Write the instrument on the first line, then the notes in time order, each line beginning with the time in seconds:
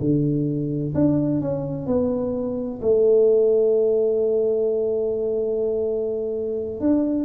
tuba
0.00 D3
0.94 D4
1.41 C#4
1.87 B3
2.82 A3
6.80 D4